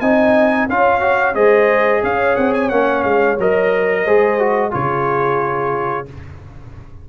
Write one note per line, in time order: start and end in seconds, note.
0.00 0.68 C4
0.00 0.69 D#4
0.00 0.67 D#5
0.00 0.67 G#5
0.69 1.35 C#4
0.69 1.00 F4
0.69 1.34 C#5
0.69 1.35 F5
1.00 1.34 F#4
1.34 2.02 G#3
1.34 2.69 G#4
1.34 2.02 C5
1.34 2.02 D#5
2.02 2.36 C#4
2.02 4.04 C#5
2.02 2.36 F5
2.36 2.71 C4
2.36 2.53 F#5
2.53 2.69 G#5
2.69 3.04 A#3
2.69 3.37 C#4
2.69 3.02 F#5
3.02 3.38 G#3
3.02 3.36 F5
3.38 4.06 F#3
3.38 4.06 A#4
3.38 4.73 D#5
4.04 4.73 G#3
4.04 4.39 G#4
4.04 4.71 C5
4.39 4.70 F#4
4.70 6.09 C#3
4.70 6.05 F4
4.70 6.06 G#4
4.70 6.07 C#5